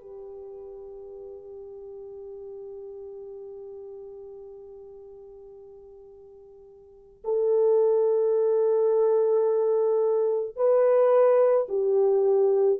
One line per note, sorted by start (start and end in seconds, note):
0.00 7.22 G4
7.24 10.56 A4
10.56 11.67 B4
11.68 12.79 G4